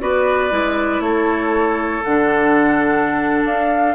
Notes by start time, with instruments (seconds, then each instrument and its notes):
0.00 bassoon B3, clarinet F#4, oboe B4, flute D5
0.50 bassoon G#3, clarinet E4
1.00 bassoon A3, oboe A4, flute C#5
2.03 bassoon D3, clarinet D4, flute F#5
3.44 bassoon D4, flute F5